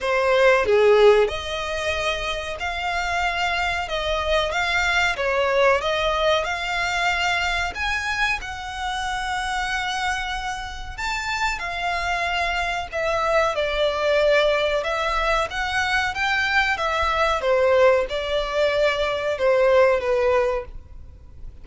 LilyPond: \new Staff \with { instrumentName = "violin" } { \time 4/4 \tempo 4 = 93 c''4 gis'4 dis''2 | f''2 dis''4 f''4 | cis''4 dis''4 f''2 | gis''4 fis''2.~ |
fis''4 a''4 f''2 | e''4 d''2 e''4 | fis''4 g''4 e''4 c''4 | d''2 c''4 b'4 | }